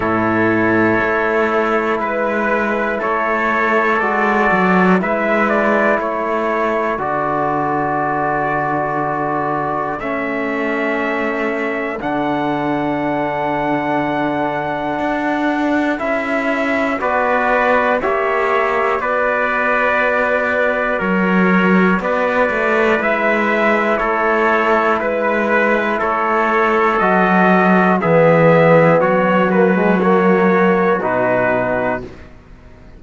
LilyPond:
<<
  \new Staff \with { instrumentName = "trumpet" } { \time 4/4 \tempo 4 = 60 cis''2 b'4 cis''4 | d''4 e''8 d''8 cis''4 d''4~ | d''2 e''2 | fis''1 |
e''4 d''4 e''4 d''4~ | d''4 cis''4 d''4 e''4 | cis''4 b'4 cis''4 dis''4 | e''4 cis''8 b'8 cis''4 b'4 | }
  \new Staff \with { instrumentName = "trumpet" } { \time 4/4 a'2 b'4 a'4~ | a'4 b'4 a'2~ | a'1~ | a'1~ |
a'4 b'4 cis''4 b'4~ | b'4 ais'4 b'2 | a'4 b'4 a'2 | gis'4 fis'2. | }
  \new Staff \with { instrumentName = "trombone" } { \time 4/4 e'1 | fis'4 e'2 fis'4~ | fis'2 cis'2 | d'1 |
e'4 fis'4 g'4 fis'4~ | fis'2. e'4~ | e'2. fis'4 | b4. ais16 gis16 ais4 dis'4 | }
  \new Staff \with { instrumentName = "cello" } { \time 4/4 a,4 a4 gis4 a4 | gis8 fis8 gis4 a4 d4~ | d2 a2 | d2. d'4 |
cis'4 b4 ais4 b4~ | b4 fis4 b8 a8 gis4 | a4 gis4 a4 fis4 | e4 fis2 b,4 | }
>>